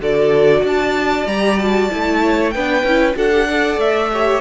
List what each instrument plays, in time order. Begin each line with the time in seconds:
0.00 cello D3, viola F#4, violin A4 D5
0.62 cello D4, violin D5 A5
1.26 cello G3, viola G4, violin A#5
1.58 viola F#4, violin A5
1.90 cello A3, viola E4
2.22 violin C#5
2.50 cello B3, viola D4, violin B4 G5
2.83 cello C#4, viola E4
3.14 cello D4, viola F#4, violin A4 F#5
3.32 viola G4
3.48 viola A4, violin D5
3.77 cello A3, violin E5
4.12 viola G4, violin C#5